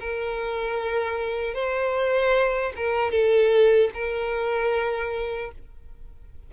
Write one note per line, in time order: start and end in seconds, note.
0.00 1.55 A#4
1.55 2.73 C5
2.76 3.11 A#4
3.11 3.90 A4
3.94 5.52 A#4